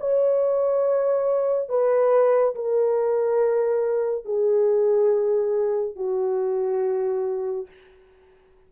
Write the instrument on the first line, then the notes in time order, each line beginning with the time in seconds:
horn
0.00 C#5
1.69 B4
2.55 A#4
4.25 G#4
5.96 F#4